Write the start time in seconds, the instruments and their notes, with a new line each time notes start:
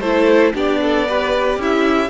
0.00 cello A3, viola E4, violin A4 C5
0.54 cello B3, viola D4, violin G4 D5
0.82 violin A4
1.07 viola G4, violin B4
1.56 cello C#4, violin E4 E5